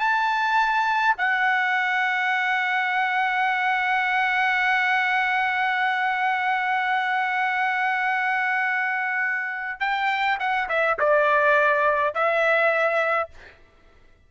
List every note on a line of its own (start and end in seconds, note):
0.00 1.15 A5
1.17 9.80 F#5
9.80 10.38 G5
10.40 10.69 F#5
10.69 10.98 E5
10.99 12.14 D5
12.14 13.30 E5